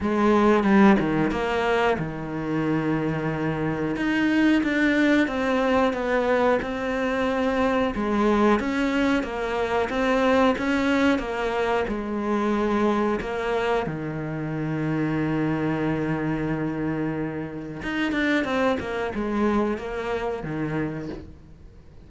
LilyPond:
\new Staff \with { instrumentName = "cello" } { \time 4/4 \tempo 4 = 91 gis4 g8 dis8 ais4 dis4~ | dis2 dis'4 d'4 | c'4 b4 c'2 | gis4 cis'4 ais4 c'4 |
cis'4 ais4 gis2 | ais4 dis2.~ | dis2. dis'8 d'8 | c'8 ais8 gis4 ais4 dis4 | }